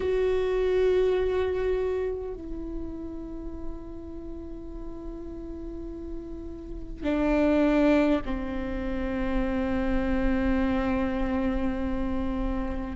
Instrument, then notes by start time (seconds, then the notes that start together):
viola
0.00 F#4
2.34 E4
7.03 D4
8.25 C4